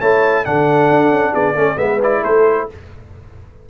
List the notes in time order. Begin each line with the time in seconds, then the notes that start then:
0.00 A3 E4 C#5 A5
0.45 D3 D4 A4 F#5
0.90 D4
1.11 C#4
1.33 B3 G#4 D5
1.55 A3 C#4 A4
1.77 G#3 B3 B4 E5
2.03 E4 D5
2.23 A3 A4 C5